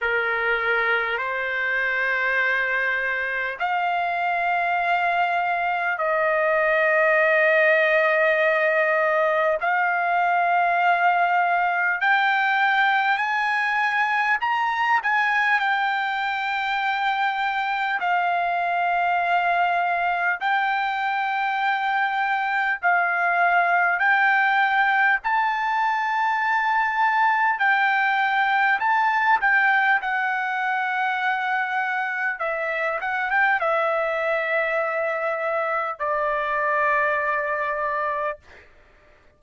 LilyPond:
\new Staff \with { instrumentName = "trumpet" } { \time 4/4 \tempo 4 = 50 ais'4 c''2 f''4~ | f''4 dis''2. | f''2 g''4 gis''4 | ais''8 gis''8 g''2 f''4~ |
f''4 g''2 f''4 | g''4 a''2 g''4 | a''8 g''8 fis''2 e''8 fis''16 g''16 | e''2 d''2 | }